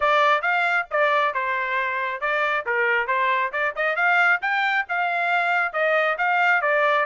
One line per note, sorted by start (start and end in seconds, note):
0.00 0.42 D5
0.42 0.86 F5
0.90 1.34 D5
1.34 2.20 C5
2.20 2.65 D5
2.66 3.07 A#4
3.07 3.51 C5
3.52 3.74 D5
3.75 3.95 D#5
3.95 4.40 F5
4.41 4.85 G5
4.88 5.72 F5
5.72 6.16 D#5
6.17 6.61 F5
6.61 7.05 D5